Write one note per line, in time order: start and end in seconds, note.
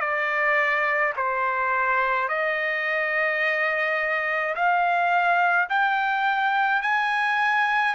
0.00 1.13 D5
1.16 2.28 C5
2.28 4.55 D#5
4.55 5.68 F5
5.69 6.82 G5
6.82 7.95 G#5